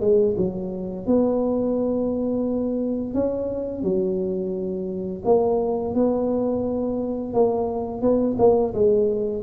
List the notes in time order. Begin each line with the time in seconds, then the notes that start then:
0.00 G#3
0.37 F#3
1.07 B3
3.14 C#4
3.83 F#3
5.25 A#3
5.94 B3
7.34 A#3
8.01 B3
8.38 A#3
8.74 G#3